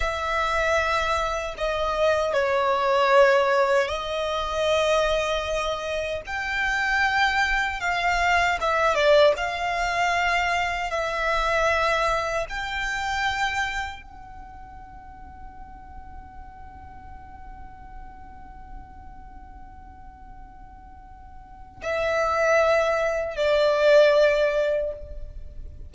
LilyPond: \new Staff \with { instrumentName = "violin" } { \time 4/4 \tempo 4 = 77 e''2 dis''4 cis''4~ | cis''4 dis''2. | g''2 f''4 e''8 d''8 | f''2 e''2 |
g''2 fis''2~ | fis''1~ | fis''1 | e''2 d''2 | }